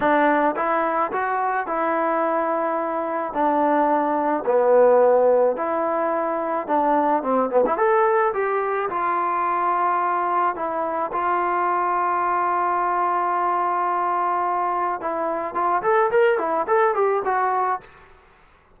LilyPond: \new Staff \with { instrumentName = "trombone" } { \time 4/4 \tempo 4 = 108 d'4 e'4 fis'4 e'4~ | e'2 d'2 | b2 e'2 | d'4 c'8 b16 e'16 a'4 g'4 |
f'2. e'4 | f'1~ | f'2. e'4 | f'8 a'8 ais'8 e'8 a'8 g'8 fis'4 | }